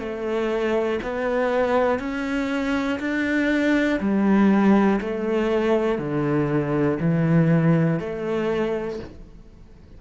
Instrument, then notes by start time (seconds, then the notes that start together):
cello
0.00 A3
1.04 B3
2.00 C#4
3.00 D4
4.00 G3
5.01 A3
5.99 D3
7.01 E3
8.00 A3